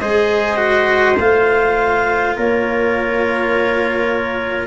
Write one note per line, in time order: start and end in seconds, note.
0.00 1.18 G#3
0.00 0.56 G#4
0.00 2.37 C5
0.00 1.18 D#5
0.56 1.15 F#4
1.20 2.37 A3
1.20 4.67 F4
1.20 2.37 F5
2.37 4.67 A#3
2.37 4.67 A#4
2.37 4.67 C#5